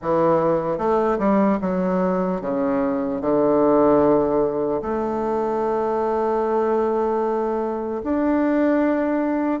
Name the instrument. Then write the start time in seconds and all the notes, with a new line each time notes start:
bassoon
0.02 E3
0.78 A3
1.19 G3
1.61 F#3
2.41 C#3
3.21 D3
4.81 A3
8.03 D4